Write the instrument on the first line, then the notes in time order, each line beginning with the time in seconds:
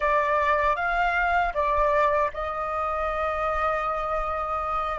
flute
0.00 D5
0.76 F5
1.53 D5
2.33 D#5